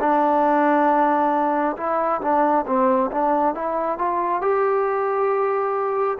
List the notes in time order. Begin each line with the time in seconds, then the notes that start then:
0.00 D4
1.77 E4
2.21 D4
2.67 C4
3.12 D4
3.55 E4
3.98 F4
4.42 G4